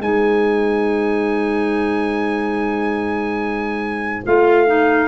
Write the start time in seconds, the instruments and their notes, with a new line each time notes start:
0.00 tuba G#3, clarinet D#4, horn C5, trumpet G#5
4.26 tuba A3, clarinet F4, trumpet F5
4.67 clarinet D#4